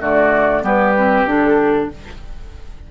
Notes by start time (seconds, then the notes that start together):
0.00 D3 A3 F#4 D5
0.62 G3 B3 G4 B4
0.97 C4
1.24 D3 D4 A4